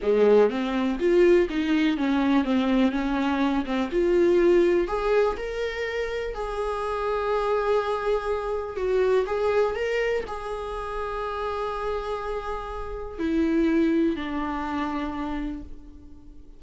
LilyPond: \new Staff \with { instrumentName = "viola" } { \time 4/4 \tempo 4 = 123 gis4 c'4 f'4 dis'4 | cis'4 c'4 cis'4. c'8 | f'2 gis'4 ais'4~ | ais'4 gis'2.~ |
gis'2 fis'4 gis'4 | ais'4 gis'2.~ | gis'2. e'4~ | e'4 d'2. | }